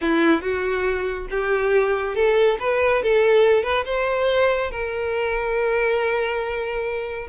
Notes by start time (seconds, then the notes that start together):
0.01 E4
0.41 F#4
1.30 G4
2.15 A4
2.59 B4
3.03 A4
3.63 B4
3.85 C5
4.70 A#4